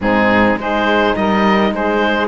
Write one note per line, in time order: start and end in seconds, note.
0.00 0.56 G#2
0.00 0.58 C4
0.00 0.58 D#4
0.00 0.59 G#4
0.56 1.14 G#3
0.56 2.27 D#4
0.56 1.16 G#4
0.56 1.16 C5
1.16 1.71 G3
1.16 1.72 A#4
1.16 1.73 D#5
1.71 2.27 G#3
1.71 2.27 G#4
1.71 2.27 C5